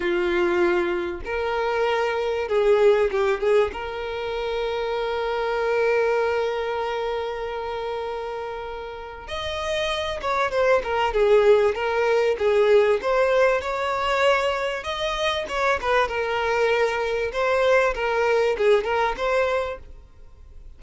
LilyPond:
\new Staff \with { instrumentName = "violin" } { \time 4/4 \tempo 4 = 97 f'2 ais'2 | gis'4 g'8 gis'8 ais'2~ | ais'1~ | ais'2. dis''4~ |
dis''8 cis''8 c''8 ais'8 gis'4 ais'4 | gis'4 c''4 cis''2 | dis''4 cis''8 b'8 ais'2 | c''4 ais'4 gis'8 ais'8 c''4 | }